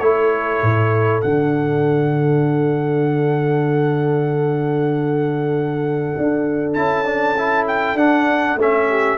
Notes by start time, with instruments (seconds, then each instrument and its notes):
0.00 tuba A3, trombone E4, horn A4, trumpet C#5
0.62 tuba A2
1.22 tuba D3, trombone D4, trumpet F#5
6.18 tuba D4
6.74 tuba C#4, trombone E4, trumpet A5
7.05 trombone D4
7.38 trombone E4
7.68 trumpet G5
7.95 tuba D4, trombone D4, trumpet F#5
8.56 tuba A3, trombone C#4, trumpet E5
8.89 horn G4